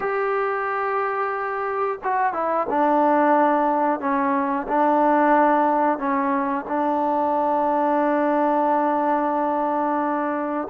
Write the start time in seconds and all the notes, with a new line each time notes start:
0.00 G4
2.03 F#4
2.33 E4
2.69 D4
4.00 C#4
4.68 D4
5.98 C#4
6.68 D4